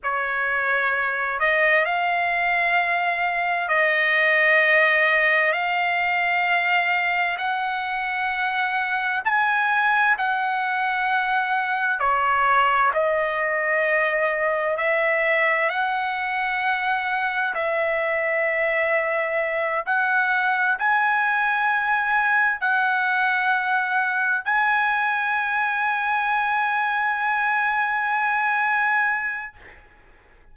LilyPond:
\new Staff \with { instrumentName = "trumpet" } { \time 4/4 \tempo 4 = 65 cis''4. dis''8 f''2 | dis''2 f''2 | fis''2 gis''4 fis''4~ | fis''4 cis''4 dis''2 |
e''4 fis''2 e''4~ | e''4. fis''4 gis''4.~ | gis''8 fis''2 gis''4.~ | gis''1 | }